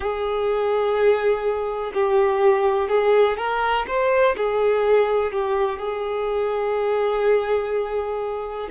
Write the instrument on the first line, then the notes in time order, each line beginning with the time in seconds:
violin
0.00 G#4
1.94 G4
2.88 G#4
3.37 A#4
3.87 C5
4.36 G#4
5.32 G4
5.78 G#4